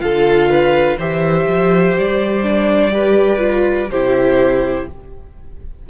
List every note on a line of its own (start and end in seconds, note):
0.00 0.97 D3
0.00 0.97 F4
0.00 0.50 A4
0.00 0.97 F5
0.50 0.97 B4
0.97 1.45 E3
0.97 2.43 G4
0.97 2.91 C5
0.97 1.97 E5
1.48 1.96 F3
1.98 3.90 G3
1.98 3.90 D5
2.43 2.90 D4
2.90 3.38 G4
2.90 3.90 B4
3.38 3.87 F4
3.90 4.86 C3
3.90 4.89 E4
3.90 4.87 G4
3.90 4.87 C5